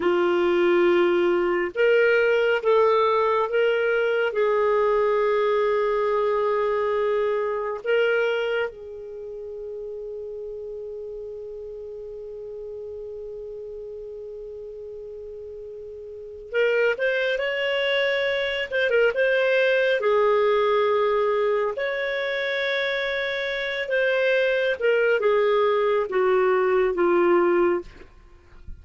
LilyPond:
\new Staff \with { instrumentName = "clarinet" } { \time 4/4 \tempo 4 = 69 f'2 ais'4 a'4 | ais'4 gis'2.~ | gis'4 ais'4 gis'2~ | gis'1~ |
gis'2. ais'8 c''8 | cis''4. c''16 ais'16 c''4 gis'4~ | gis'4 cis''2~ cis''8 c''8~ | c''8 ais'8 gis'4 fis'4 f'4 | }